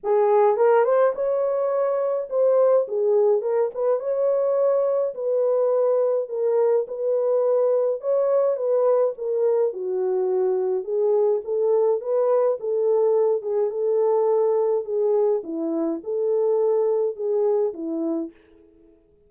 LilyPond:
\new Staff \with { instrumentName = "horn" } { \time 4/4 \tempo 4 = 105 gis'4 ais'8 c''8 cis''2 | c''4 gis'4 ais'8 b'8 cis''4~ | cis''4 b'2 ais'4 | b'2 cis''4 b'4 |
ais'4 fis'2 gis'4 | a'4 b'4 a'4. gis'8 | a'2 gis'4 e'4 | a'2 gis'4 e'4 | }